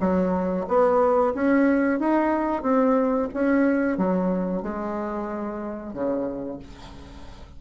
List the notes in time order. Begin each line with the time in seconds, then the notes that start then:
0.00 F#3
0.67 B3
1.34 C#4
1.99 D#4
2.62 C4
3.33 C#4
3.97 F#3
4.62 G#3
5.93 C#3